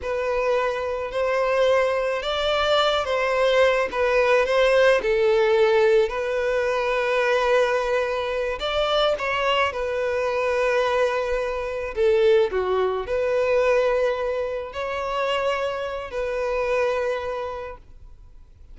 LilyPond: \new Staff \with { instrumentName = "violin" } { \time 4/4 \tempo 4 = 108 b'2 c''2 | d''4. c''4. b'4 | c''4 a'2 b'4~ | b'2.~ b'8 d''8~ |
d''8 cis''4 b'2~ b'8~ | b'4. a'4 fis'4 b'8~ | b'2~ b'8 cis''4.~ | cis''4 b'2. | }